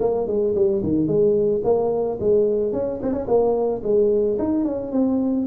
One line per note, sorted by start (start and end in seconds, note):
0.00 0.27 A#3
0.27 0.54 G#3
0.54 0.82 G3
0.83 1.07 D#3
1.07 1.61 G#3
1.63 2.18 A#3
2.20 2.72 G#3
2.72 3.00 C#4
3.02 3.12 C4
3.12 3.26 C#4
3.27 3.81 A#3
3.83 4.38 G#3
4.38 4.64 D#4
4.64 4.91 C#4
4.91 5.46 C4